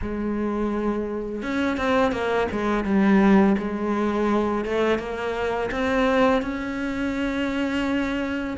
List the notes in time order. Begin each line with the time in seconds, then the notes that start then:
0.01 G#3
1.42 C#4
1.77 C4
2.12 A#3
2.51 G#3
2.84 G3
3.57 G#3
4.65 A3
4.98 A#3
5.71 C4
6.42 C#4